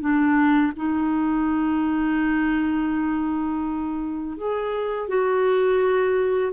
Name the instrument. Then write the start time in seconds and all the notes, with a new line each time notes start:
clarinet
0.00 D4
0.76 D#4
4.37 G#4
5.08 F#4